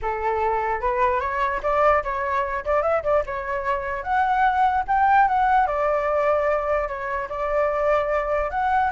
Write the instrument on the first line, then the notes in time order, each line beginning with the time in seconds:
flute
0.02 A4
0.80 B4
1.20 C#5
1.62 D5
2.03 C#5
2.64 D5
2.82 E5
3.03 D5
3.25 C#5
4.03 F#5
4.87 G5
5.28 F#5
5.66 D5
6.88 C#5
7.29 D5
8.50 F#5